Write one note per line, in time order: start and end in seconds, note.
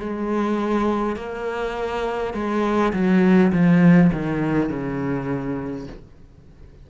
0.00 1.16 G#3
1.16 2.34 A#3
2.34 2.93 G#3
2.93 3.52 F#3
3.52 4.11 F3
4.13 4.70 D#3
4.70 5.87 C#3